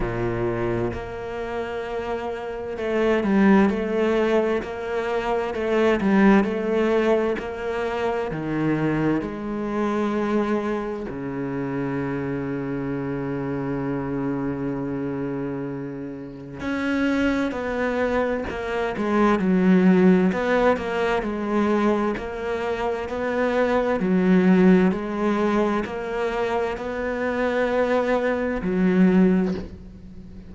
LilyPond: \new Staff \with { instrumentName = "cello" } { \time 4/4 \tempo 4 = 65 ais,4 ais2 a8 g8 | a4 ais4 a8 g8 a4 | ais4 dis4 gis2 | cis1~ |
cis2 cis'4 b4 | ais8 gis8 fis4 b8 ais8 gis4 | ais4 b4 fis4 gis4 | ais4 b2 fis4 | }